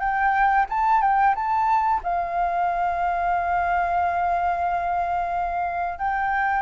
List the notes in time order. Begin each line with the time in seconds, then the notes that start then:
0.00 G5
0.70 A5
1.02 G5
1.35 A5
2.03 F5
5.99 G5